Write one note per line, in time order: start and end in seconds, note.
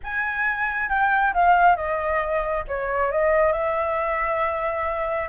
0.03 0.89 G#5
0.89 1.33 G5
1.33 1.75 F5
1.75 2.64 D#5
2.67 3.11 C#5
3.11 3.52 D#5
3.52 5.28 E5